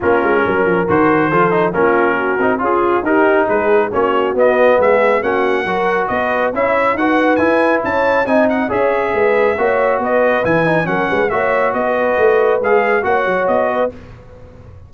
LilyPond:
<<
  \new Staff \with { instrumentName = "trumpet" } { \time 4/4 \tempo 4 = 138 ais'2 c''2 | ais'2 gis'4 ais'4 | b'4 cis''4 dis''4 e''4 | fis''2 dis''4 e''4 |
fis''4 gis''4 a''4 gis''8 fis''8 | e''2. dis''4 | gis''4 fis''4 e''4 dis''4~ | dis''4 f''4 fis''4 dis''4 | }
  \new Staff \with { instrumentName = "horn" } { \time 4/4 f'4 ais'2 a'4 | f'4 fis'4 f'4 g'4 | gis'4 fis'2 gis'4 | fis'4 ais'4 b'4 cis''4 |
b'2 cis''4 dis''4 | cis''4 b'4 cis''4 b'4~ | b'4 ais'8 b'8 cis''4 b'4~ | b'2 cis''4. b'8 | }
  \new Staff \with { instrumentName = "trombone" } { \time 4/4 cis'2 fis'4 f'8 dis'8 | cis'4. dis'8 f'4 dis'4~ | dis'4 cis'4 b2 | cis'4 fis'2 e'4 |
fis'4 e'2 dis'4 | gis'2 fis'2 | e'8 dis'8 cis'4 fis'2~ | fis'4 gis'4 fis'2 | }
  \new Staff \with { instrumentName = "tuba" } { \time 4/4 ais8 gis8 fis8 f8 dis4 f4 | ais4. c'8 cis'4 dis'4 | gis4 ais4 b4 gis4 | ais4 fis4 b4 cis'4 |
dis'4 e'4 cis'4 c'4 | cis'4 gis4 ais4 b4 | e4 fis8 gis8 ais4 b4 | a4 gis4 ais8 fis8 b4 | }
>>